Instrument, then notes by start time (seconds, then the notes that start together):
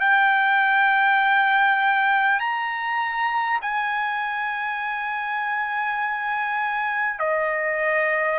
trumpet
0.00 G5
2.39 A#5
3.62 G#5
7.19 D#5